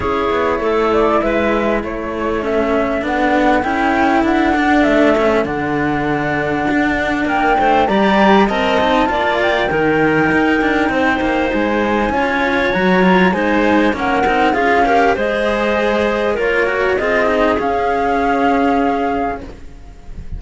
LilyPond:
<<
  \new Staff \with { instrumentName = "flute" } { \time 4/4 \tempo 4 = 99 cis''4. d''8 e''4 cis''4 | e''4 fis''4 g''4 fis''4 | e''4 fis''2. | g''4 ais''4 a''4. g''8~ |
g''2. gis''4~ | gis''4 ais''4 gis''4 fis''4 | f''4 dis''2 cis''4 | dis''4 f''2. | }
  \new Staff \with { instrumentName = "clarinet" } { \time 4/4 gis'4 a'4 b'4 a'4~ | a'1~ | a'1 | ais'8 c''8 d''4 dis''4 d''4 |
ais'2 c''2 | cis''2 c''4 ais'4 | gis'8 ais'8 c''2 ais'4 | gis'1 | }
  \new Staff \with { instrumentName = "cello" } { \time 4/4 e'1 | cis'4 d'4 e'4. d'8~ | d'8 cis'8 d'2.~ | d'4 g'4 ais'8 dis'8 f'4 |
dis'1 | f'4 fis'8 f'8 dis'4 cis'8 dis'8 | f'8 g'8 gis'2 f'8 fis'8 | f'8 dis'8 cis'2. | }
  \new Staff \with { instrumentName = "cello" } { \time 4/4 cis'8 b8 a4 gis4 a4~ | a4 b4 cis'4 d'4 | a4 d2 d'4 | ais8 a8 g4 c'4 ais4 |
dis4 dis'8 d'8 c'8 ais8 gis4 | cis'4 fis4 gis4 ais8 c'8 | cis'4 gis2 ais4 | c'4 cis'2. | }
>>